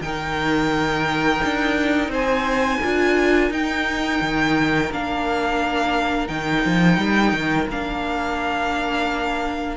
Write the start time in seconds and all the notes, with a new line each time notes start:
0.00 D#3 D#4 A#4 G5
1.44 D4
2.08 C4 C5 G#5
2.80 D4 F4 A#4
3.50 D#4 G5
4.21 D#3
4.91 A#3 D4 F5
6.27 D#3 D#4 G5
6.65 F3
6.97 G3
7.32 D#3
7.68 A#3 D4 F5